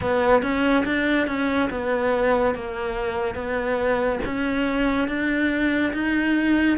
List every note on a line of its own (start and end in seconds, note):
0.01 0.42 B3
0.42 0.84 C#4
0.85 1.27 D4
1.27 1.69 C#4
1.70 2.55 B3
2.55 3.34 A#3
3.34 4.19 B3
4.25 5.08 C#4
5.08 5.92 D4
5.93 6.77 D#4